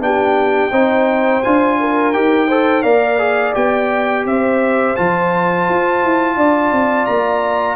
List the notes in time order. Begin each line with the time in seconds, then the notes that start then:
0.00 B3 D4 G4 G5
0.71 C4 D#4 C5
1.43 D4 F4 G#5
1.80 A#4
2.13 D#4 G4 G5
2.48 A4 C5
2.82 A#3 A#4 D5 F5
3.19 G#4
3.54 B3 G4 G5
4.25 C4 C5 E5
4.96 F3 F4 A5
5.69 F4
6.04 E4
6.36 D4 D5
6.72 C4
7.06 A#3 A#5